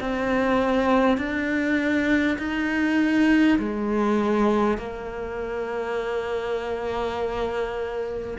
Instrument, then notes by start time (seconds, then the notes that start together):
cello
0.00 C4
1.18 D4
2.38 D#4
3.59 G#3
4.77 A#3